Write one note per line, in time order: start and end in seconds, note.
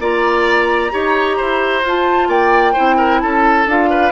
0.00 0.92 A#3
0.00 0.91 F4
0.00 0.92 D5
0.00 1.86 A#5
0.91 1.40 D#4
0.91 1.82 G4
0.91 1.37 C#5
1.37 1.83 E4
1.37 2.29 C5
1.83 2.28 F4
1.83 2.75 F4
1.83 2.30 A5
2.28 2.74 A#3
2.28 2.73 D5
2.28 3.20 G5
2.73 3.23 C4
2.73 3.66 E4
2.73 2.96 C5
2.97 3.20 A#4
3.20 3.67 C#4
3.20 3.90 A4
3.20 3.66 A5
3.67 4.12 D4
3.67 4.12 F4
3.67 4.12 F5
3.90 4.12 B4